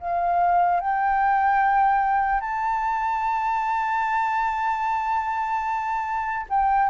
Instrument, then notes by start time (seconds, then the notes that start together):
flute
0.00 F5
0.80 G5
2.41 A5
6.49 G5